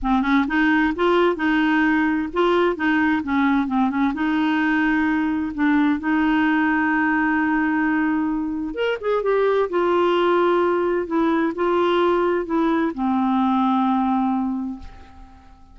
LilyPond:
\new Staff \with { instrumentName = "clarinet" } { \time 4/4 \tempo 4 = 130 c'8 cis'8 dis'4 f'4 dis'4~ | dis'4 f'4 dis'4 cis'4 | c'8 cis'8 dis'2. | d'4 dis'2.~ |
dis'2. ais'8 gis'8 | g'4 f'2. | e'4 f'2 e'4 | c'1 | }